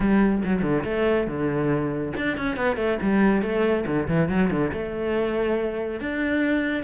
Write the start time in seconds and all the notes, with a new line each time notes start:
0.00 G3
0.45 F#3
0.62 D3
0.84 A3
1.27 D3
2.16 D4
2.37 C#4
2.56 B3
2.76 A3
3.02 G3
3.41 A3
3.86 D3
4.08 E3
4.29 F#3
4.50 D3
4.72 A3
6.00 D4